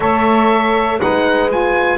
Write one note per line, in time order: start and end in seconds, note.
0.00 1.00 A3
0.00 0.98 A4
0.00 1.00 C#5
0.00 1.00 E5
0.98 1.98 G#3
0.98 1.48 D#4
0.98 1.98 B4
0.98 1.50 F#5
1.49 1.98 F4
1.49 1.98 G#5